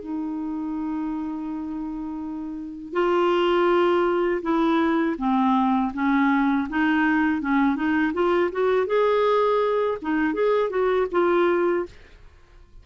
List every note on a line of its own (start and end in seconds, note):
0.00 2.93 D#4
2.93 4.41 F4
4.42 5.16 E4
5.18 5.92 C4
5.93 6.67 C#4
6.69 7.41 D#4
7.41 7.75 C#4
7.75 8.12 D#4
8.13 8.50 F4
8.52 8.86 F#4
8.86 9.97 G#4
10.02 10.33 D#4
10.33 10.69 G#4
10.69 11.06 F#4
11.11 11.86 F4